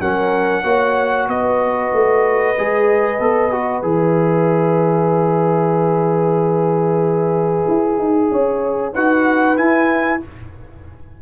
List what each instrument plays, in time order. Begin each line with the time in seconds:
0.00 tuba F#3, trombone C#4, horn A#4, trumpet F#5
0.64 tuba A#3, trombone F#4, horn C#5
1.28 tuba B3, horn B4, trumpet D#5
1.93 tuba A3
2.58 tuba G#3, trombone G#4
3.19 tuba B3, trombone A4
3.51 trombone F#4
3.82 tuba E3, trombone G#4, trumpet E5
7.68 tuba E4
7.98 tuba D#4
8.31 tuba C#4, horn C#5
8.93 tuba D#4, trombone F#4, horn B4, trumpet F#5
9.56 trombone E4, tuba E4, trumpet G#5